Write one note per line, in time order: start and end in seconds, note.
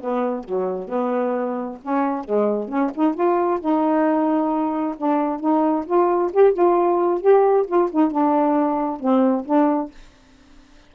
0.00 0.44 B3
0.44 0.88 F#3
0.88 1.78 B3
1.82 2.24 C#4
2.24 2.68 G#3
2.68 2.91 C#4
2.95 3.14 D#4
3.14 3.59 F4
3.60 4.95 D#4
4.97 5.40 D4
5.40 5.85 D#4
5.86 6.31 F4
6.33 6.53 G4
6.53 7.20 F4
7.20 7.65 G4
7.67 7.89 F4
7.91 8.11 D#4
8.11 9.00 D4
9.00 9.45 C4
9.45 9.90 D4